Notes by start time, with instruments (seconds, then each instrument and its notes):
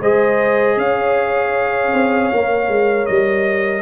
0.00 tuba G#3, trombone G#4, horn C5, trumpet D#5
0.76 tuba C#4, horn C#5, trumpet F5
1.93 tuba C4
2.32 tuba A#3, trombone A#4
2.68 tuba G#3
3.05 tuba G3, trumpet D#5